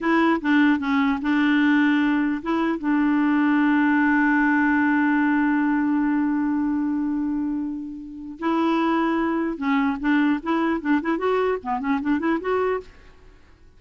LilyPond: \new Staff \with { instrumentName = "clarinet" } { \time 4/4 \tempo 4 = 150 e'4 d'4 cis'4 d'4~ | d'2 e'4 d'4~ | d'1~ | d'1~ |
d'1~ | d'4 e'2. | cis'4 d'4 e'4 d'8 e'8 | fis'4 b8 cis'8 d'8 e'8 fis'4 | }